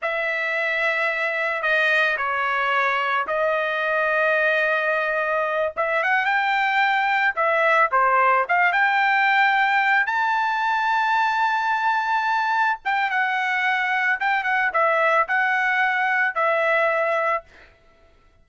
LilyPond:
\new Staff \with { instrumentName = "trumpet" } { \time 4/4 \tempo 4 = 110 e''2. dis''4 | cis''2 dis''2~ | dis''2~ dis''8 e''8 fis''8 g''8~ | g''4. e''4 c''4 f''8 |
g''2~ g''8 a''4.~ | a''2.~ a''8 g''8 | fis''2 g''8 fis''8 e''4 | fis''2 e''2 | }